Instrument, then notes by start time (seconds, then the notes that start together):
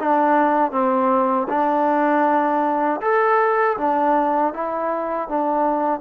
trombone
0.00 D4
0.72 C4
1.49 D4
3.01 A4
3.78 D4
4.54 E4
5.29 D4